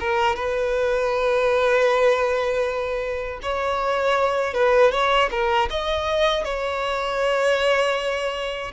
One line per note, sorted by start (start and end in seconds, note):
0.00 0.36 A#4
0.36 3.40 B4
3.42 4.54 C#5
4.54 4.92 B4
4.92 5.30 C#5
5.31 5.69 A#4
5.71 6.44 D#5
6.44 8.72 C#5